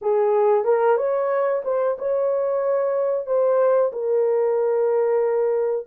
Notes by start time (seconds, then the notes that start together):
0.01 G#4
0.64 A#4
0.97 C#5
1.64 C5
1.98 C#5
3.26 C5
3.92 A#4